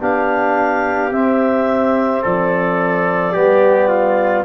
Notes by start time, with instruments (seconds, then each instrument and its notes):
0.00 tuba B3, trombone D4, trumpet G4, clarinet F5
1.11 trombone C4, tuba C4, clarinet E5
2.22 tuba F3, trumpet A4, clarinet D5
3.32 tuba G3, trombone B3, trumpet G4
3.88 trumpet F4